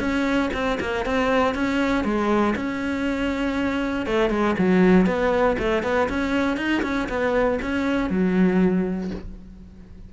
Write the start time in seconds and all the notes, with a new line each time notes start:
0.00 C#4
0.53 C4
0.80 A#3
1.06 C4
1.55 C#4
2.04 G#3
2.56 C#4
4.06 A3
4.30 G#3
4.58 F#3
5.06 B3
5.59 A3
5.83 B3
6.09 C#4
6.57 D#4
6.83 C#4
7.09 B3
7.62 C#4
8.10 F#3